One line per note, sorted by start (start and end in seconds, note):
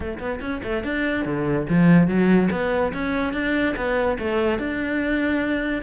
0.00 0.19 A3
0.19 0.40 B3
0.41 0.61 C#4
0.63 0.83 A3
0.83 1.25 D4
1.25 1.67 D3
1.69 2.07 F3
2.07 2.49 F#3
2.51 2.92 B3
2.93 3.33 C#4
3.33 3.75 D4
3.76 4.18 B3
4.18 4.59 A3
4.59 5.82 D4